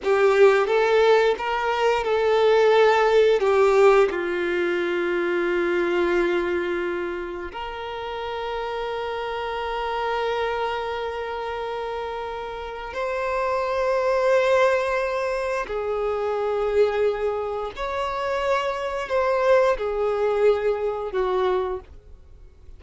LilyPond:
\new Staff \with { instrumentName = "violin" } { \time 4/4 \tempo 4 = 88 g'4 a'4 ais'4 a'4~ | a'4 g'4 f'2~ | f'2. ais'4~ | ais'1~ |
ais'2. c''4~ | c''2. gis'4~ | gis'2 cis''2 | c''4 gis'2 fis'4 | }